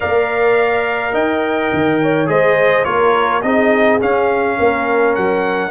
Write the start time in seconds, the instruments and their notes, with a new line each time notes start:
0.00 tuba A#3, trombone A#4, horn D5, trumpet F5
1.13 tuba D#4, horn D#5, trumpet G5
1.73 tuba D#3
2.01 horn C#5
2.26 tuba G#3, trombone G#4, horn C5, trumpet D#5
2.84 tuba A#3, trombone F4, horn A#4, trumpet C#5
3.42 tuba C4, trombone D#4, horn G#4, trumpet D#5
4.00 trombone C#4, tuba C#4, trumpet F5
4.57 tuba A#3, horn A#4
5.15 tuba F#3, trumpet F#5